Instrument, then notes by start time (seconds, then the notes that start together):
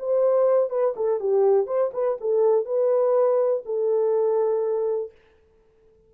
horn
0.00 C5
0.70 B4
0.96 A4
1.20 G4
1.67 C5
1.94 B4
2.21 A4
2.66 B4
3.66 A4